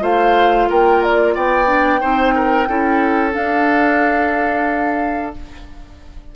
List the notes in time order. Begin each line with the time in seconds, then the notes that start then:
0.00 A3 F4 C5 F5
0.69 A#3 A#4 G5
1.03 D5
1.35 B3 D5 G5
1.66 D4
2.00 C4 D#4 C5
2.35 A#4
2.68 C#4 E4 A4
3.32 D4 F5